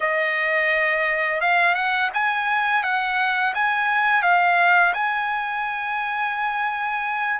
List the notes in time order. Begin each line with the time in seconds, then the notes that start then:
0.00 D#5
1.40 F5
1.74 F#5
2.13 G#5
2.83 F#5
3.54 G#5
4.22 F5
4.93 G#5